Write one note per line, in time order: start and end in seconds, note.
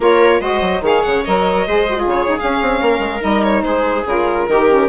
0.00 0.40 A#3
0.00 0.40 F4
0.00 0.40 A#4
0.00 0.41 C#5
0.40 0.61 G#3
0.40 0.82 F#4
0.40 0.82 C5
0.40 0.82 D#5
0.61 0.81 F#3
0.81 1.02 D#3
0.81 1.25 G#4
0.81 1.68 C#5
0.81 1.03 F5
1.03 1.26 C#3
1.03 1.23 F#5
1.24 1.67 F#3
1.24 1.67 A#4
1.24 2.07 D#5
1.67 2.06 G#3
1.67 1.87 G#4
1.67 1.99 C5
1.89 1.96 F#4
1.96 2.27 F4
1.96 2.80 G#4
2.06 2.37 C#3
2.06 2.39 C#5
2.27 2.37 D#4
2.39 3.20 C#4
2.39 2.61 C#4
2.39 3.22 F5
2.61 2.81 C4
2.80 2.99 A#3
2.80 3.64 A#4
2.99 3.20 G#3
3.20 3.62 G3
3.20 4.03 D#4
3.20 3.43 D#5
3.43 3.63 C#5
3.62 4.04 G#3
3.62 4.48 G#4
3.62 4.04 C5
4.05 4.47 C#3
4.05 4.48 F4
4.05 4.89 A#4
4.48 4.89 D#3
4.48 4.69 D#4
4.48 4.89 G4
4.69 4.89 C#4